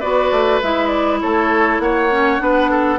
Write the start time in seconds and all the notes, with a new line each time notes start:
0.00 B3 F#4 B4 D5
0.32 A3
0.62 G#3 E4 E5
0.88 D5
1.21 A3 A4 C#5
1.79 A#3 C#5 F#5
2.12 C#4
2.39 B3 D4 B4
2.71 A4